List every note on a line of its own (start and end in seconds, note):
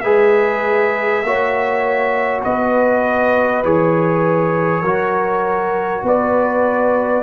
0.00 1.23 G#3
0.00 1.23 G#4
0.00 1.22 B4
0.00 2.40 E5
1.23 2.43 A#3
1.23 3.63 F#4
1.23 2.44 C#5
2.44 3.64 B3
2.44 4.82 B4
2.44 3.64 D#5
3.63 4.82 E3
3.63 4.83 G#4
3.63 6.04 C#5
4.82 6.02 F#3
4.82 7.23 F#4
4.82 6.02 A#4
6.03 7.23 B3
6.03 7.23 B4
6.03 7.23 D5